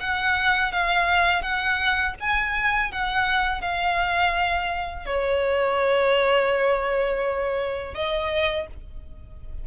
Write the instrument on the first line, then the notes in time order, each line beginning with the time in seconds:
violin
0.00 F#5
0.72 F5
1.42 F#5
2.20 G#5
2.91 F#5
3.61 F5
5.05 C#5
7.94 D#5